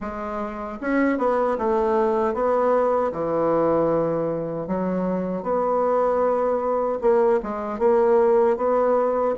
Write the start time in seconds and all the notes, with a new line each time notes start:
0.00 G#3
0.80 C#4
1.18 B3
1.58 A3
2.33 B3
3.12 E3
4.67 F#3
5.43 B3
7.01 A#3
7.42 G#3
7.79 A#3
8.56 B3